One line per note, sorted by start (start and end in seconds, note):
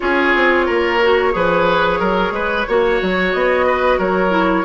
0.00 0.35 C#4
0.00 0.99 F4
0.00 0.66 G#4
0.00 3.32 C#5
0.35 0.68 C4
0.66 1.34 A#3
0.66 1.32 A#4
1.02 1.32 F#4
1.32 2.00 F3
1.32 2.65 G#4
1.32 1.99 B4
1.99 2.31 F#3
1.99 2.32 A#4
2.31 2.64 G#3
2.31 2.67 B4
2.67 3.01 A#3
2.67 4.30 F#4
2.67 3.66 C#5
3.02 3.34 F#3
3.32 3.98 B3
3.32 3.99 D#5
3.66 3.98 B4
3.98 4.64 F#3
3.98 4.64 A#4
3.98 4.64 C#5
4.30 4.63 E4